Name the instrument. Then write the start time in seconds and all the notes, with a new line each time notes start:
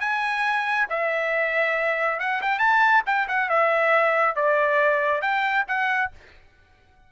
trumpet
0.00 G#5
0.89 E5
2.20 F#5
2.41 G5
2.59 A5
3.06 G5
3.28 F#5
3.49 E5
4.36 D5
5.22 G5
5.68 F#5